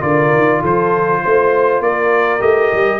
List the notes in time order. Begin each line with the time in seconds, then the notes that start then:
0.00 D3 F4 A#4 D5
0.32 D#3
0.61 F3 A4 C5
1.22 A3 C5
1.80 A#3 A#4 D5
2.39 A3 G4 D#5
2.72 G3